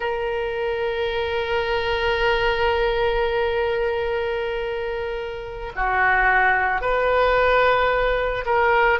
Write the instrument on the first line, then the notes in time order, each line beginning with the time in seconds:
oboe
0.00 A#4
5.75 F#4
6.81 B4
8.45 A#4